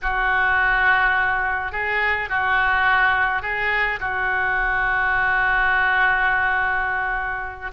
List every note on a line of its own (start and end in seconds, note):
0.02 1.72 F#4
1.72 2.29 G#4
2.29 3.42 F#4
3.42 3.99 G#4
4.00 7.71 F#4